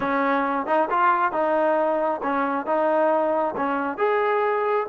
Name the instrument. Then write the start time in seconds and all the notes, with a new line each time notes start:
trombone
0.00 C#4
0.66 D#4
0.90 F4
1.32 D#4
2.22 C#4
2.65 D#4
3.56 C#4
3.97 G#4